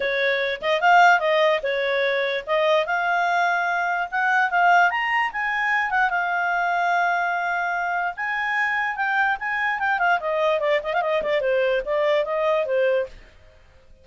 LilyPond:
\new Staff \with { instrumentName = "clarinet" } { \time 4/4 \tempo 4 = 147 cis''4. dis''8 f''4 dis''4 | cis''2 dis''4 f''4~ | f''2 fis''4 f''4 | ais''4 gis''4. fis''8 f''4~ |
f''1 | gis''2 g''4 gis''4 | g''8 f''8 dis''4 d''8 dis''16 f''16 dis''8 d''8 | c''4 d''4 dis''4 c''4 | }